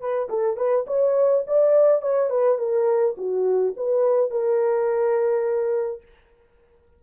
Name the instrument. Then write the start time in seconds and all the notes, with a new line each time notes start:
horn
0.00 B4
0.29 A4
0.57 B4
0.87 C#5
1.47 D5
2.02 C#5
2.30 B4
2.58 A#4
3.17 F#4
3.76 B4
4.30 A#4